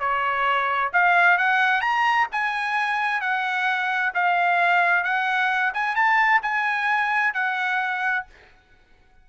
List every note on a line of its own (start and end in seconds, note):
0.00 0.92 C#5
0.93 1.38 F5
1.38 1.81 F#5
1.81 2.27 A#5
2.32 3.21 G#5
3.21 4.13 F#5
4.15 5.04 F5
5.04 5.73 F#5
5.74 5.96 G#5
5.96 6.41 A5
6.42 7.34 G#5
7.34 8.25 F#5